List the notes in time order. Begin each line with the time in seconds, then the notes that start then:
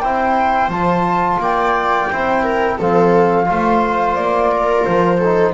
0.00 C4 E4 C5 G5
0.68 F3 F4 A5
1.38 A#3 D5 G5
2.09 C4 E4 C5
2.42 A#4
2.77 F3 C4 A4 F5
3.46 A3 F4 C5
4.15 A#3 D5
4.51 A#4
4.84 F3 C5
5.18 D#4 A4